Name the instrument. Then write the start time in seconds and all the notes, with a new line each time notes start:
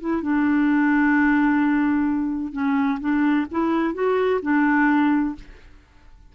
clarinet
0.00 E4
0.22 D4
2.52 C#4
3.00 D4
3.51 E4
3.94 F#4
4.42 D4